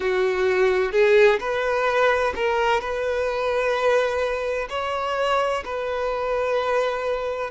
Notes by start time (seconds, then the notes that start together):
0.00 F#4
0.92 G#4
1.39 B4
2.35 A#4
2.80 B4
4.69 C#5
5.64 B4